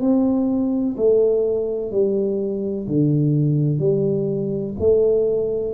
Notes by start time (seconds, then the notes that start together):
0.00 C4
0.97 A3
1.91 G3
2.87 D3
3.78 G3
4.79 A3